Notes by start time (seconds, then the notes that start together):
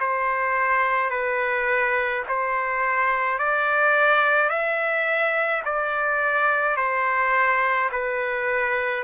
0.00 C5
1.10 B4
2.29 C5
3.39 D5
4.49 E5
5.65 D5
6.77 C5
7.92 B4